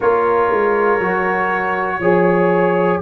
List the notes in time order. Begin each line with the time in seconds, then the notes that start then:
0.00 A#3 F4 A#4 C#5
0.51 G#3
0.99 F#3 F#4
1.99 F3 G#4 C#5